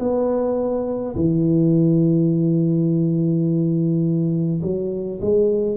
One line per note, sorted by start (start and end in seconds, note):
0.00 1.15 B3
1.15 4.62 E3
4.63 5.20 F#3
5.21 5.77 G#3